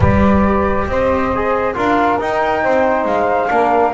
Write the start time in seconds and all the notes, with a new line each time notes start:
0.00 G3 G4 B4 D5
0.87 C4 C5 D#5
1.34 G#4
1.74 D4 F4 A#4 F5
2.19 D#4 G5
2.62 C4 C5
3.04 G#3 F5
3.49 A#3 D4 A#4